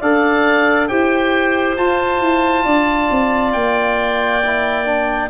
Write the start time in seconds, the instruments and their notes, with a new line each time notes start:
0.00 tuba D4, trombone A4, clarinet D5, oboe F5
0.87 tuba E4, trombone G4, clarinet C5, oboe G5
1.76 tuba F4, trombone F4, oboe A5
2.20 tuba E4
2.64 tuba D4, clarinet D5
3.10 tuba C4
3.52 tuba A#3, oboe G5
4.44 trombone E4
4.85 trombone D4